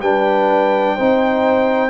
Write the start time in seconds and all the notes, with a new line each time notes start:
0.00 G3 D4 B4 G5
0.96 C4 D#4 C5